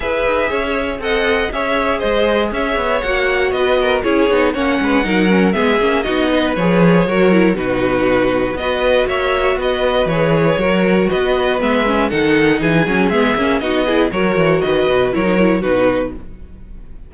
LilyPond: <<
  \new Staff \with { instrumentName = "violin" } { \time 4/4 \tempo 4 = 119 e''2 fis''4 e''4 | dis''4 e''4 fis''4 dis''4 | cis''4 fis''2 e''4 | dis''4 cis''2 b'4~ |
b'4 dis''4 e''4 dis''4 | cis''2 dis''4 e''4 | fis''4 gis''4 e''4 dis''4 | cis''4 dis''4 cis''4 b'4 | }
  \new Staff \with { instrumentName = "violin" } { \time 4/4 b'4 cis''4 dis''4 cis''4 | c''4 cis''2 b'8 ais'8 | gis'4 cis''8 b'8 ais'4 gis'4 | fis'8 b'4. ais'4 fis'4~ |
fis'4 b'4 cis''4 b'4~ | b'4 ais'4 b'2 | a'4 gis'2 fis'8 gis'8 | ais'4 b'4 ais'4 fis'4 | }
  \new Staff \with { instrumentName = "viola" } { \time 4/4 gis'2 a'4 gis'4~ | gis'2 fis'2 | e'8 dis'8 cis'4 dis'8 cis'8 b8 cis'8 | dis'4 gis'4 fis'8 e'8 dis'4~ |
dis'4 fis'2. | gis'4 fis'2 b8 cis'8 | dis'4. cis'8 b8 cis'8 dis'8 e'8 | fis'2 e'16 dis'16 e'8 dis'4 | }
  \new Staff \with { instrumentName = "cello" } { \time 4/4 e'8 dis'8 cis'4 c'4 cis'4 | gis4 cis'8 b8 ais4 b4 | cis'8 b8 ais8 gis8 fis4 gis8 ais8 | b4 f4 fis4 b,4~ |
b,4 b4 ais4 b4 | e4 fis4 b4 gis4 | dis4 e8 fis8 gis8 ais8 b4 | fis8 e8 dis8 b,8 fis4 b,4 | }
>>